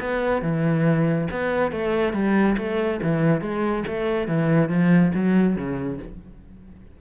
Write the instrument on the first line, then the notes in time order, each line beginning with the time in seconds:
cello
0.00 B3
0.42 E3
1.31 B3
1.72 A3
2.14 G3
2.58 A3
3.03 E3
3.41 G#3
3.87 A3
4.28 E3
4.69 F3
5.14 F#3
5.56 C#3